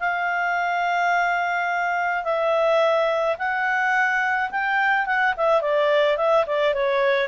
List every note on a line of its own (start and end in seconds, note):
0.00 2.24 F5
2.24 3.36 E5
3.38 4.51 F#5
4.51 5.06 G5
5.06 5.34 F#5
5.37 5.61 E5
5.61 6.17 D5
6.17 6.45 E5
6.46 6.74 D5
6.74 7.28 C#5